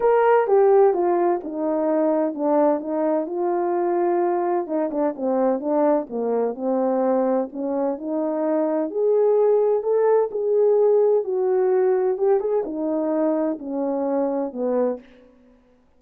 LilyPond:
\new Staff \with { instrumentName = "horn" } { \time 4/4 \tempo 4 = 128 ais'4 g'4 f'4 dis'4~ | dis'4 d'4 dis'4 f'4~ | f'2 dis'8 d'8 c'4 | d'4 ais4 c'2 |
cis'4 dis'2 gis'4~ | gis'4 a'4 gis'2 | fis'2 g'8 gis'8 dis'4~ | dis'4 cis'2 b4 | }